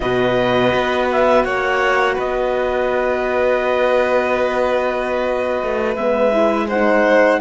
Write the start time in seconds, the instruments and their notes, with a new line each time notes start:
0.00 cello B2, horn F#4, violin B4, clarinet D#5
0.74 cello B3
1.11 clarinet E5
1.44 cello A#3, violin C#5, clarinet F#5
2.14 cello B3, violin B4, clarinet D#5
5.62 cello A3
5.95 cello G#3, horn B3, clarinet E5
6.32 horn E4
6.67 horn D#4, violin C5, clarinet F#5